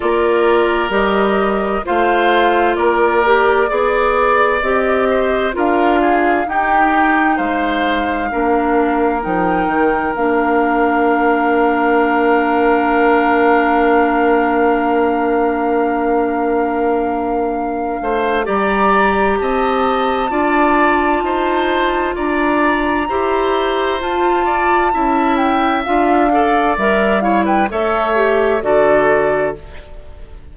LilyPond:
<<
  \new Staff \with { instrumentName = "flute" } { \time 4/4 \tempo 4 = 65 d''4 dis''4 f''4 d''4~ | d''4 dis''4 f''4 g''4 | f''2 g''4 f''4~ | f''1~ |
f''1 | ais''4 a''2. | ais''2 a''4. g''8 | f''4 e''8 f''16 g''16 e''4 d''4 | }
  \new Staff \with { instrumentName = "oboe" } { \time 4/4 ais'2 c''4 ais'4 | d''4. c''8 ais'8 gis'8 g'4 | c''4 ais'2.~ | ais'1~ |
ais'2.~ ais'8 c''8 | d''4 dis''4 d''4 c''4 | d''4 c''4. d''8 e''4~ | e''8 d''4 cis''16 b'16 cis''4 a'4 | }
  \new Staff \with { instrumentName = "clarinet" } { \time 4/4 f'4 g'4 f'4. g'8 | gis'4 g'4 f'4 dis'4~ | dis'4 d'4 dis'4 d'4~ | d'1~ |
d'1 | g'2 f'2~ | f'4 g'4 f'4 e'4 | f'8 a'8 ais'8 e'8 a'8 g'8 fis'4 | }
  \new Staff \with { instrumentName = "bassoon" } { \time 4/4 ais4 g4 a4 ais4 | b4 c'4 d'4 dis'4 | gis4 ais4 f8 dis8 ais4~ | ais1~ |
ais2.~ ais8 a8 | g4 c'4 d'4 dis'4 | d'4 e'4 f'4 cis'4 | d'4 g4 a4 d4 | }
>>